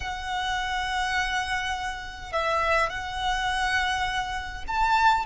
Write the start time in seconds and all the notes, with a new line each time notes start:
0.00 F#5
2.32 E5
2.89 F#5
4.67 A5